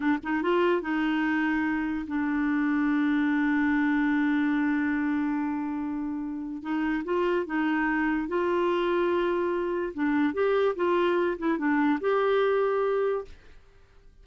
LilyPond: \new Staff \with { instrumentName = "clarinet" } { \time 4/4 \tempo 4 = 145 d'8 dis'8 f'4 dis'2~ | dis'4 d'2.~ | d'1~ | d'1 |
dis'4 f'4 dis'2 | f'1 | d'4 g'4 f'4. e'8 | d'4 g'2. | }